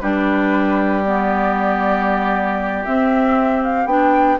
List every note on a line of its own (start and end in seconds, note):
0.00 2.86 G3
0.00 1.05 D4
0.00 4.39 G4
0.00 1.03 B4
1.04 2.85 B3
1.04 2.85 D5
2.85 3.87 C4
2.85 3.86 C4
2.85 3.62 E5
3.63 3.87 F5
3.86 4.37 B3
3.86 4.39 D4
3.86 4.38 G5